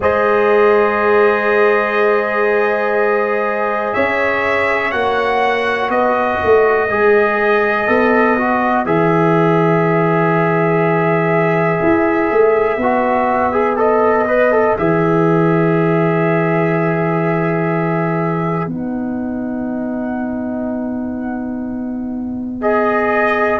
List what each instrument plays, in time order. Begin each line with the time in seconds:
0.00 tuba G#3, trombone G#4, horn C5, trumpet D#5
3.93 tuba C#4, horn C#5, trumpet E5
4.91 tuba A#3, trombone F#4, trumpet F#5
5.89 tuba B3, horn B4, trumpet D#5
6.43 tuba A3
6.89 tuba G#3, trombone G#4
7.87 tuba B3, trombone A4
8.37 trombone F#4
8.85 tuba E3, trombone G#4, trumpet E5
11.82 tuba E4
12.30 tuba A3
12.76 tuba B3, trombone F#4
13.52 trombone G#4
13.76 trombone A4, trumpet D#5
14.27 trombone B4
14.51 trombone A4
14.77 tuba E3, trombone G#4, trumpet E5
18.67 tuba B3, trombone D#4, trumpet F#5
22.61 trombone G#4, trumpet D#5